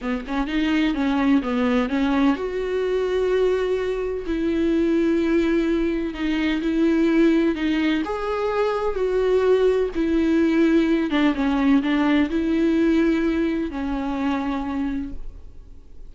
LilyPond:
\new Staff \with { instrumentName = "viola" } { \time 4/4 \tempo 4 = 127 b8 cis'8 dis'4 cis'4 b4 | cis'4 fis'2.~ | fis'4 e'2.~ | e'4 dis'4 e'2 |
dis'4 gis'2 fis'4~ | fis'4 e'2~ e'8 d'8 | cis'4 d'4 e'2~ | e'4 cis'2. | }